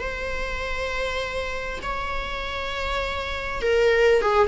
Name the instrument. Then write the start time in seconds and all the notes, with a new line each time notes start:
viola
0.00 C5
1.83 C#5
3.62 A#4
4.22 G#4